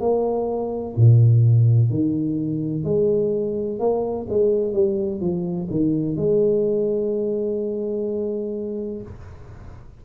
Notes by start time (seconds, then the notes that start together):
0.00 A#3
0.97 A#2
1.90 D#3
2.84 G#3
3.79 A#3
4.29 G#3
4.73 G3
5.20 F3
5.71 D#3
6.16 G#3